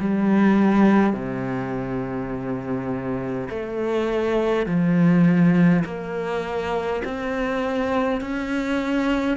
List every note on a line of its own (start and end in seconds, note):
0.00 1.13 G3
1.13 3.49 C3
3.50 4.66 A3
4.66 5.84 F3
5.86 7.03 A#3
7.05 8.21 C4
8.21 9.37 C#4